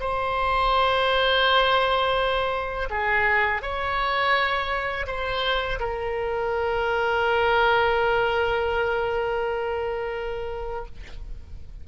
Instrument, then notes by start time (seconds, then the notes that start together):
oboe
0.00 C5
2.90 G#4
3.62 C#5
5.07 C5
5.80 A#4